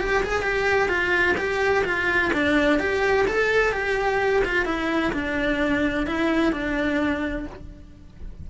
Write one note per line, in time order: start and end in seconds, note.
0.00 0.23 G4
0.24 0.43 G#4
0.43 0.89 G4
0.89 1.36 F4
1.37 1.84 G4
1.85 2.32 F4
2.33 2.80 D4
2.80 3.26 G4
3.28 3.73 A4
3.73 4.43 G4
4.45 4.66 F4
4.66 5.13 E4
5.13 6.07 D4
6.07 6.53 E4
6.53 7.46 D4